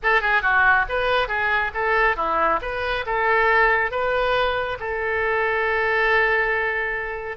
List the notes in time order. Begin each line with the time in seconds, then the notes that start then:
0.02 A4
0.21 G#4
0.42 F#4
0.89 B4
1.28 G#4
1.74 A4
2.16 E4
2.61 B4
3.06 A4
3.91 B4
4.79 A4